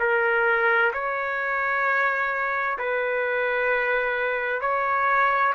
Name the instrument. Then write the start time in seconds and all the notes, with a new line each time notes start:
trumpet
0.00 A#4
0.94 C#5
2.79 B4
4.62 C#5